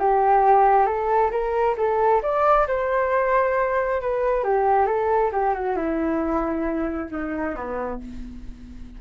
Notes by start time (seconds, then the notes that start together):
0.00 G4
0.86 A4
1.32 A#4
1.78 A4
2.23 D5
2.68 C5
4.01 B4
4.44 G4
4.87 A4
5.33 G4
5.55 F#4
5.77 E4
7.11 D#4
7.56 B3